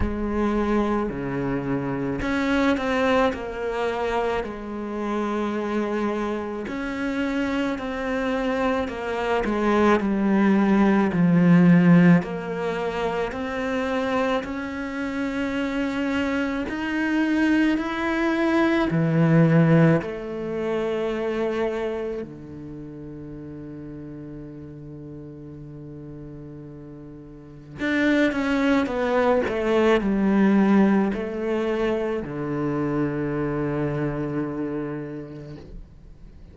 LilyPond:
\new Staff \with { instrumentName = "cello" } { \time 4/4 \tempo 4 = 54 gis4 cis4 cis'8 c'8 ais4 | gis2 cis'4 c'4 | ais8 gis8 g4 f4 ais4 | c'4 cis'2 dis'4 |
e'4 e4 a2 | d1~ | d4 d'8 cis'8 b8 a8 g4 | a4 d2. | }